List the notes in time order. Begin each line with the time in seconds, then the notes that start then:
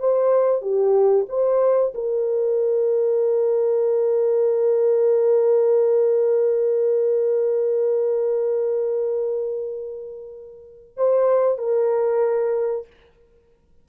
0.00 C5
0.62 G4
1.29 C5
1.95 A#4
10.97 C5
11.58 A#4